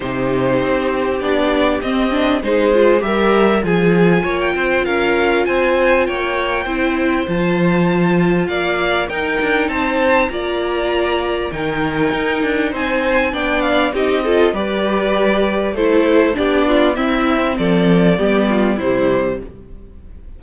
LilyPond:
<<
  \new Staff \with { instrumentName = "violin" } { \time 4/4 \tempo 4 = 99 c''2 d''4 dis''4 | c''4 e''4 gis''4~ gis''16 g''8. | f''4 gis''4 g''2 | a''2 f''4 g''4 |
a''4 ais''2 g''4~ | g''4 gis''4 g''8 f''8 dis''4 | d''2 c''4 d''4 | e''4 d''2 c''4 | }
  \new Staff \with { instrumentName = "violin" } { \time 4/4 g'1 | gis'4 ais'4 gis'4 cis''8 c''8 | ais'4 c''4 cis''4 c''4~ | c''2 d''4 ais'4 |
c''4 d''2 ais'4~ | ais'4 c''4 d''4 g'8 a'8 | b'2 a'4 g'8 f'8 | e'4 a'4 g'8 f'8 e'4 | }
  \new Staff \with { instrumentName = "viola" } { \time 4/4 dis'2 d'4 c'8 d'8 | dis'8 f'8 g'4 f'2~ | f'2. e'4 | f'2. dis'4~ |
dis'4 f'2 dis'4~ | dis'2 d'4 dis'8 f'8 | g'2 e'4 d'4 | c'2 b4 g4 | }
  \new Staff \with { instrumentName = "cello" } { \time 4/4 c4 c'4 b4 c'4 | gis4 g4 f4 ais8 c'8 | cis'4 c'4 ais4 c'4 | f2 ais4 dis'8 d'8 |
c'4 ais2 dis4 | dis'8 d'8 c'4 b4 c'4 | g2 a4 b4 | c'4 f4 g4 c4 | }
>>